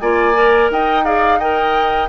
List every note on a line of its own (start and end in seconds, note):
0.00 0.70 A#3
0.00 0.34 F4
0.00 0.71 D5
0.00 0.70 G#5
0.34 1.04 A#4
0.70 2.09 D#4
0.70 1.05 D#5
0.70 1.05 G5
1.05 1.39 G#4
1.05 1.39 D5
1.05 1.40 F5
1.39 2.09 A#4
1.39 2.09 D#5
1.39 2.09 G5